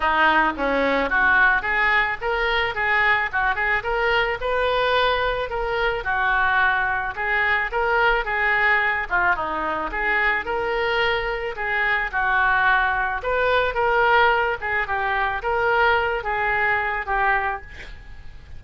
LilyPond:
\new Staff \with { instrumentName = "oboe" } { \time 4/4 \tempo 4 = 109 dis'4 cis'4 fis'4 gis'4 | ais'4 gis'4 fis'8 gis'8 ais'4 | b'2 ais'4 fis'4~ | fis'4 gis'4 ais'4 gis'4~ |
gis'8 f'8 dis'4 gis'4 ais'4~ | ais'4 gis'4 fis'2 | b'4 ais'4. gis'8 g'4 | ais'4. gis'4. g'4 | }